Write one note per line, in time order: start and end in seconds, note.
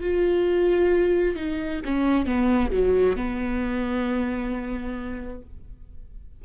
0.00 1.35 F4
1.36 1.81 D#4
1.84 2.26 C#4
2.26 2.71 B3
2.71 3.16 F#3
3.16 5.41 B3